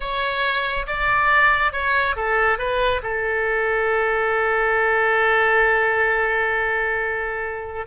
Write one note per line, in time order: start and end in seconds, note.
0.00 0.86 C#5
0.86 1.72 D5
1.72 2.15 C#5
2.16 2.58 A4
2.58 3.01 B4
3.02 7.86 A4